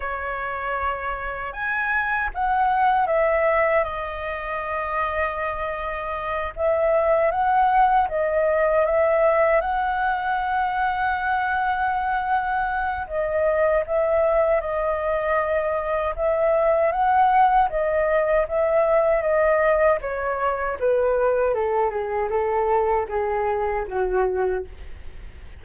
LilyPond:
\new Staff \with { instrumentName = "flute" } { \time 4/4 \tempo 4 = 78 cis''2 gis''4 fis''4 | e''4 dis''2.~ | dis''8 e''4 fis''4 dis''4 e''8~ | e''8 fis''2.~ fis''8~ |
fis''4 dis''4 e''4 dis''4~ | dis''4 e''4 fis''4 dis''4 | e''4 dis''4 cis''4 b'4 | a'8 gis'8 a'4 gis'4 fis'4 | }